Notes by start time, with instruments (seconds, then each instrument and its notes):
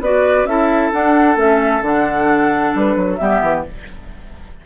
0.00 bassoon B3, clarinet F#4, oboe B4, flute D5
0.45 bassoon C#4, clarinet E4, oboe A4, flute E5
0.93 clarinet D4, bassoon D4, flute F#5
1.36 bassoon A3, clarinet C#4, flute E5
1.82 bassoon D3, clarinet D4, flute F#5
2.75 bassoon G3, flute B4
2.97 bassoon F#3
3.16 bassoon G3, clarinet B3, oboe G4, flute E5
3.42 bassoon E3